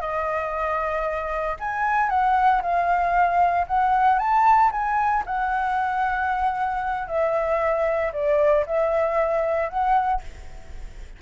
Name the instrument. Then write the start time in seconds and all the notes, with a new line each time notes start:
flute
0.00 D#5
1.59 G#5
2.09 F#5
2.62 F5
3.67 F#5
4.18 A5
4.71 G#5
5.26 F#5
7.07 E5
8.12 D5
8.66 E5
9.69 F#5